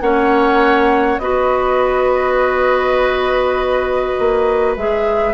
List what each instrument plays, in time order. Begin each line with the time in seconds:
0.00 bassoon A#3, clarinet C#4, oboe C#5, flute F#5
1.18 bassoon B3, clarinet F#4, oboe B4, flute D#5
4.18 bassoon A#3
4.76 bassoon G#3, clarinet G#4, flute E5